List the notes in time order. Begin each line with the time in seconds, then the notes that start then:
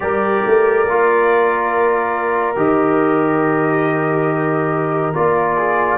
0.00 G3 G4 A#4 D5
0.46 A3
0.87 A#3 F4
2.55 D#3 G4 D#5
5.13 A#3 F4 D5
5.56 G#4